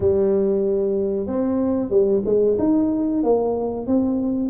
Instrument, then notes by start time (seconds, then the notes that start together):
tuba
0.00 G3
1.26 C4
1.89 G3
2.25 G#3
2.58 D#4
3.23 A#3
3.87 C4